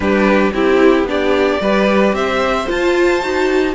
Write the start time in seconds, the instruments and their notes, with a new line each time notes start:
0.00 cello G3, viola D4, violin G4 B4
0.53 cello C4, violin E4 G4, viola E4
1.03 cello B3, viola D4, violin G4
1.09 violin D5
1.60 cello G3, viola G4, violin B4
2.12 cello C4, violin C5 E5
2.66 viola F4, cello F4, violin A5
3.21 cello D#4, viola F#4